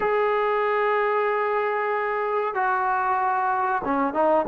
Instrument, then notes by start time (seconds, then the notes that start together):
trombone
0.00 G#4
2.54 F#4
3.84 C#4
4.13 D#4